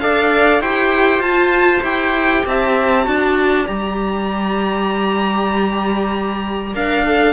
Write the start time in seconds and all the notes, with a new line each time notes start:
0.00 D4 A4 D5 F5
0.60 E4 G4 C5 G5
1.19 F4 A5
1.82 E4 G4 G5
2.46 C4 E5 A5
3.04 D4 F#4 D5
3.66 G3 G4 A#5
6.74 D4 A#4 F5
7.05 A4